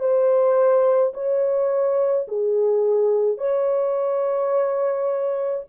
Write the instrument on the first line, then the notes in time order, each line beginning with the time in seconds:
horn
0.00 C5
1.14 C#5
2.28 G#4
3.38 C#5